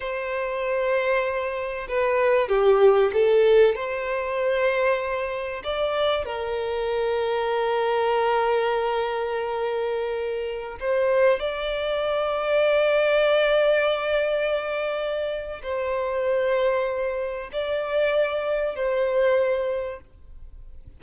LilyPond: \new Staff \with { instrumentName = "violin" } { \time 4/4 \tempo 4 = 96 c''2. b'4 | g'4 a'4 c''2~ | c''4 d''4 ais'2~ | ais'1~ |
ais'4~ ais'16 c''4 d''4.~ d''16~ | d''1~ | d''4 c''2. | d''2 c''2 | }